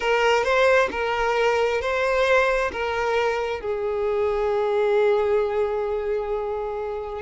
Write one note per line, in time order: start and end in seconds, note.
0.00 0.43 A#4
0.44 0.89 C5
0.91 1.81 A#4
1.81 2.71 C5
2.72 3.60 A#4
3.60 7.21 G#4